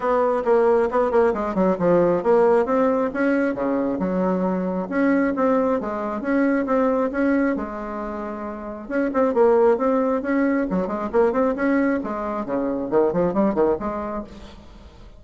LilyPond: \new Staff \with { instrumentName = "bassoon" } { \time 4/4 \tempo 4 = 135 b4 ais4 b8 ais8 gis8 fis8 | f4 ais4 c'4 cis'4 | cis4 fis2 cis'4 | c'4 gis4 cis'4 c'4 |
cis'4 gis2. | cis'8 c'8 ais4 c'4 cis'4 | fis8 gis8 ais8 c'8 cis'4 gis4 | cis4 dis8 f8 g8 dis8 gis4 | }